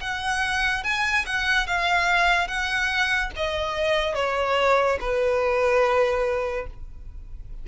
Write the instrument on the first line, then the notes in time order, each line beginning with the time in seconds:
violin
0.00 F#5
0.83 G#5
1.25 F#5
1.66 F5
2.47 F#5
3.36 D#5
4.14 C#5
5.00 B4